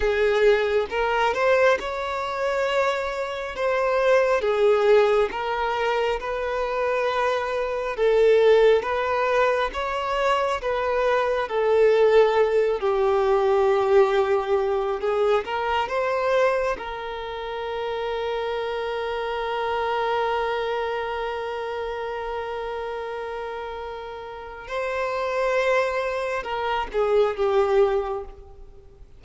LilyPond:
\new Staff \with { instrumentName = "violin" } { \time 4/4 \tempo 4 = 68 gis'4 ais'8 c''8 cis''2 | c''4 gis'4 ais'4 b'4~ | b'4 a'4 b'4 cis''4 | b'4 a'4. g'4.~ |
g'4 gis'8 ais'8 c''4 ais'4~ | ais'1~ | ais'1 | c''2 ais'8 gis'8 g'4 | }